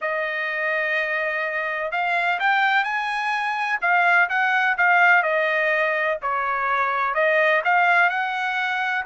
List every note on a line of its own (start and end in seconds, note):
0.01 1.91 D#5
1.91 2.39 F5
2.39 2.84 G5
2.84 3.79 G#5
3.81 4.29 F5
4.29 4.77 F#5
4.77 5.23 F5
5.23 6.18 D#5
6.21 7.14 C#5
7.14 7.62 D#5
7.64 8.09 F5
8.09 9.05 F#5